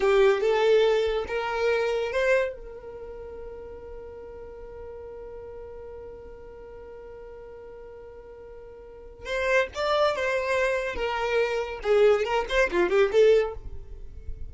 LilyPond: \new Staff \with { instrumentName = "violin" } { \time 4/4 \tempo 4 = 142 g'4 a'2 ais'4~ | ais'4 c''4 ais'2~ | ais'1~ | ais'1~ |
ais'1~ | ais'2 c''4 d''4 | c''2 ais'2 | gis'4 ais'8 c''8 f'8 g'8 a'4 | }